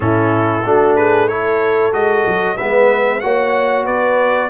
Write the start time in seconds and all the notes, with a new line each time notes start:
0.00 A2 C#4 E4 A4
0.64 A3 D4 F#4
0.95 G#4 B4
1.28 E4 A4 C#5
1.92 G#3 F#4 D#5
2.26 F#3
2.57 G#3 B3 B4 E5
3.20 A#3 F#4 C#5 F#5
3.84 B3 B4 D5